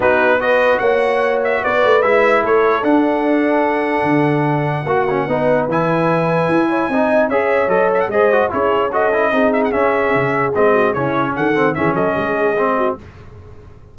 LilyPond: <<
  \new Staff \with { instrumentName = "trumpet" } { \time 4/4 \tempo 4 = 148 b'4 dis''4 fis''4. e''8 | d''4 e''4 cis''4 fis''4~ | fis''1~ | fis''2 gis''2~ |
gis''2 e''4 dis''8 e''16 fis''16 | dis''4 cis''4 dis''4. e''16 fis''16 | e''2 dis''4 cis''4 | fis''4 e''8 dis''2~ dis''8 | }
  \new Staff \with { instrumentName = "horn" } { \time 4/4 fis'4 b'4 cis''2 | b'2 a'2~ | a'1 | fis'4 b'2.~ |
b'8 cis''8 dis''4 cis''2 | c''4 gis'4 a'4 gis'4~ | gis'2~ gis'8 fis'8 e'4 | a'4 gis'8 a'8 gis'4. fis'8 | }
  \new Staff \with { instrumentName = "trombone" } { \time 4/4 dis'4 fis'2.~ | fis'4 e'2 d'4~ | d'1 | fis'8 cis'8 dis'4 e'2~ |
e'4 dis'4 gis'4 a'4 | gis'8 fis'8 e'4 fis'8 e'8 dis'4 | cis'2 c'4 cis'4~ | cis'8 c'8 cis'2 c'4 | }
  \new Staff \with { instrumentName = "tuba" } { \time 4/4 b2 ais2 | b8 a8 gis4 a4 d'4~ | d'2 d2 | ais4 b4 e2 |
e'4 c'4 cis'4 fis4 | gis4 cis'2 c'4 | cis'4 cis4 gis4 cis4 | dis4 e8 fis8 gis2 | }
>>